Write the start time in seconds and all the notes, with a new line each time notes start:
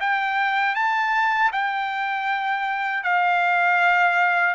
0.00 G5
0.75 A5
1.52 G5
3.03 F5